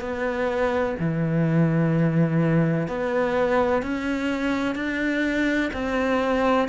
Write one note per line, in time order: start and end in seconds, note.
0.00 0.95 B3
0.99 2.87 E3
2.87 3.82 B3
3.82 4.75 C#4
4.75 5.70 D4
5.73 6.68 C4